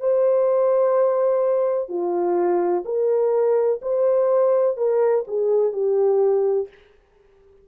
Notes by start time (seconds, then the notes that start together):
0.00 C5
1.89 F4
2.85 A#4
3.82 C5
4.77 A#4
5.27 G#4
5.73 G4